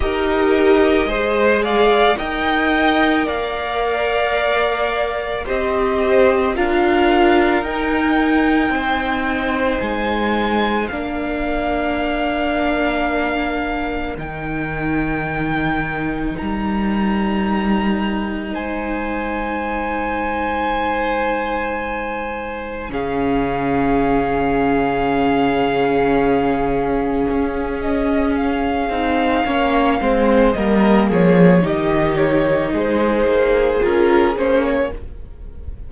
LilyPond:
<<
  \new Staff \with { instrumentName = "violin" } { \time 4/4 \tempo 4 = 55 dis''4. f''8 g''4 f''4~ | f''4 dis''4 f''4 g''4~ | g''4 gis''4 f''2~ | f''4 g''2 ais''4~ |
ais''4 gis''2.~ | gis''4 f''2.~ | f''4. dis''8 f''2 | dis''8 cis''8 dis''8 cis''8 c''4 ais'8 c''16 cis''16 | }
  \new Staff \with { instrumentName = "violin" } { \time 4/4 ais'4 c''8 d''8 dis''4 d''4~ | d''4 c''4 ais'2 | c''2 ais'2~ | ais'1~ |
ais'4 c''2.~ | c''4 gis'2.~ | gis'2. cis''8 c''8 | ais'8 gis'8 g'4 gis'2 | }
  \new Staff \with { instrumentName = "viola" } { \time 4/4 g'4 gis'4 ais'2~ | ais'4 g'4 f'4 dis'4~ | dis'2 d'2~ | d'4 dis'2.~ |
dis'1~ | dis'4 cis'2.~ | cis'2~ cis'8 dis'8 cis'8 c'8 | ais4 dis'2 f'8 cis'8 | }
  \new Staff \with { instrumentName = "cello" } { \time 4/4 dis'4 gis4 dis'4 ais4~ | ais4 c'4 d'4 dis'4 | c'4 gis4 ais2~ | ais4 dis2 g4~ |
g4 gis2.~ | gis4 cis2.~ | cis4 cis'4. c'8 ais8 gis8 | g8 f8 dis4 gis8 ais8 cis'8 ais8 | }
>>